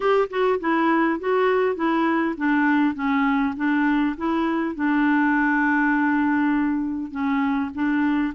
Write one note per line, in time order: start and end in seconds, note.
0.00 0.28 G4
0.29 0.59 F#4
0.60 1.19 E4
1.19 1.75 F#4
1.75 2.35 E4
2.37 2.94 D4
2.94 3.54 C#4
3.56 4.16 D4
4.17 4.75 E4
4.75 7.11 D4
7.11 7.70 C#4
7.74 8.33 D4